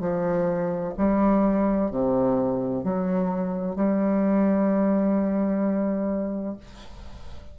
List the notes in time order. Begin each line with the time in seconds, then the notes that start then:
0.00 F3
0.98 G3
1.91 C3
2.84 F#3
3.76 G3